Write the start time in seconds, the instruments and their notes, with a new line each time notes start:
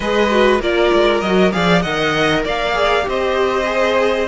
0.00 cello G#3, viola G#4, violin B4 D#5
0.30 viola F#4
0.60 cello A#3, viola F4, violin A#4 D5
0.93 cello G#3
1.20 cello F#3, viola F#4, violin D#5
1.51 cello F3, viola G#4, violin D5 F5
1.81 cello D#3, viola A#4, violin D#5 F#5
2.43 cello A#3, violin D5 F5
2.73 viola G#4
3.01 cello C4, viola G4
3.08 violin C5 D#5
3.65 viola G#4